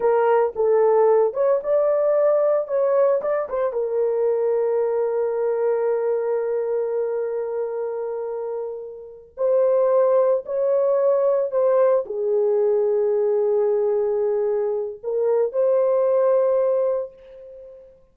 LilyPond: \new Staff \with { instrumentName = "horn" } { \time 4/4 \tempo 4 = 112 ais'4 a'4. cis''8 d''4~ | d''4 cis''4 d''8 c''8 ais'4~ | ais'1~ | ais'1~ |
ais'4. c''2 cis''8~ | cis''4. c''4 gis'4.~ | gis'1 | ais'4 c''2. | }